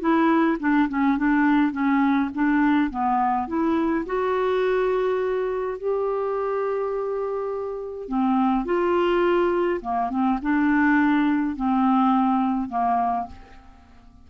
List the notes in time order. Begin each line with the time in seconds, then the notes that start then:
0.00 E4
0.59 D4
0.89 C#4
1.17 D4
1.72 C#4
2.34 D4
2.90 B3
3.48 E4
4.06 F#4
5.78 G4
8.08 C4
8.65 F4
9.81 A#3
10.10 C4
10.42 D4
11.56 C4
12.69 A#3